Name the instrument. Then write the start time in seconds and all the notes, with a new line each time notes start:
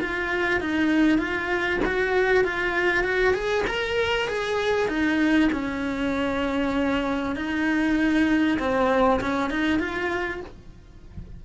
cello
0.00 F4
0.60 D#4
1.18 F4
1.85 F#4
2.44 F4
3.03 F#4
3.34 G#4
3.67 A#4
4.27 G#4
4.88 D#4
5.52 C#4
7.36 D#4
8.59 C4
9.20 C#4
9.50 D#4
9.79 F4